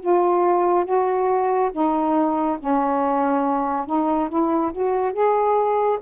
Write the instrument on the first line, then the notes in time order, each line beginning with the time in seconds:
saxophone
0.00 F4
0.85 F#4
1.72 D#4
2.59 C#4
3.86 D#4
4.29 E4
4.73 F#4
5.13 G#4